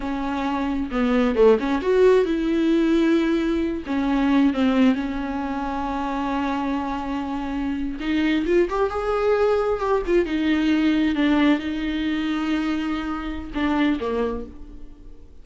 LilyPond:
\new Staff \with { instrumentName = "viola" } { \time 4/4 \tempo 4 = 133 cis'2 b4 a8 cis'8 | fis'4 e'2.~ | e'8 cis'4. c'4 cis'4~ | cis'1~ |
cis'4.~ cis'16 dis'4 f'8 g'8 gis'16~ | gis'4.~ gis'16 g'8 f'8 dis'4~ dis'16~ | dis'8. d'4 dis'2~ dis'16~ | dis'2 d'4 ais4 | }